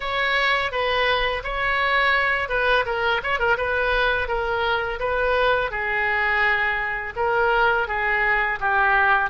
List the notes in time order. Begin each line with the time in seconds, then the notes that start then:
0.00 C#5
0.71 B4
1.43 C#5
2.48 B4
2.85 A#4
3.23 C#5
3.39 A#4
3.57 B4
4.28 A#4
4.99 B4
5.70 G#4
7.16 A#4
7.87 G#4
8.60 G4